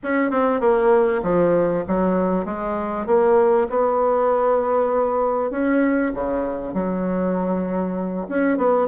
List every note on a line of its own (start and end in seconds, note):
0.03 0.31 C#4
0.31 0.60 C4
0.60 1.21 A#3
1.22 1.84 F3
1.87 2.45 F#3
2.45 3.06 G#3
3.06 3.67 A#3
3.69 5.50 B3
5.50 6.12 C#4
6.14 6.73 C#3
6.73 8.26 F#3
8.28 8.57 C#4
8.57 8.87 B3